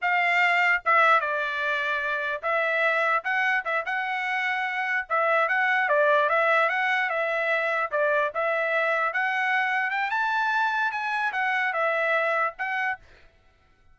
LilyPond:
\new Staff \with { instrumentName = "trumpet" } { \time 4/4 \tempo 4 = 148 f''2 e''4 d''4~ | d''2 e''2 | fis''4 e''8 fis''2~ fis''8~ | fis''8 e''4 fis''4 d''4 e''8~ |
e''8 fis''4 e''2 d''8~ | d''8 e''2 fis''4.~ | fis''8 g''8 a''2 gis''4 | fis''4 e''2 fis''4 | }